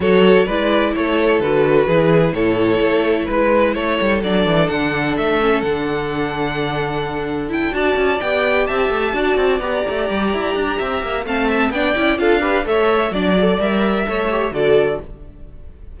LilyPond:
<<
  \new Staff \with { instrumentName = "violin" } { \time 4/4 \tempo 4 = 128 cis''4 d''4 cis''4 b'4~ | b'4 cis''2 b'4 | cis''4 d''4 fis''4 e''4 | fis''1 |
g''8 a''4 g''4 a''4.~ | a''8 ais''2.~ ais''8 | a''4 g''4 f''4 e''4 | d''4 e''2 d''4 | }
  \new Staff \with { instrumentName = "violin" } { \time 4/4 a'4 b'4 a'2 | gis'4 a'2 b'4 | a'1~ | a'1~ |
a'8 d''2 e''4 d''8~ | d''2. e''4 | f''8 e''8 d''4 a'8 b'8 cis''4 | d''2 cis''4 a'4 | }
  \new Staff \with { instrumentName = "viola" } { \time 4/4 fis'4 e'2 fis'4 | e'1~ | e'4 d'2~ d'8 cis'8 | d'1 |
e'8 fis'4 g'2 fis'8~ | fis'8 g'2.~ g'8 | c'4 d'8 e'8 f'8 g'8 a'4 | d'8 a'8 ais'4 a'8 g'8 fis'4 | }
  \new Staff \with { instrumentName = "cello" } { \time 4/4 fis4 gis4 a4 d4 | e4 a,4 a4 gis4 | a8 g8 fis8 e8 d4 a4 | d1~ |
d8 d'8 cis'8 b4 c'8 a8 d'8 | c'8 b8 a8 g8 e'8 d'8 c'8 ais8 | a4 b8 cis'8 d'4 a4 | fis4 g4 a4 d4 | }
>>